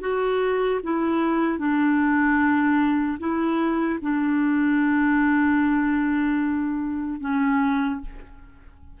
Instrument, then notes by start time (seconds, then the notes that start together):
clarinet
0.00 F#4
0.83 E4
1.58 D4
3.19 E4
4.01 D4
7.20 C#4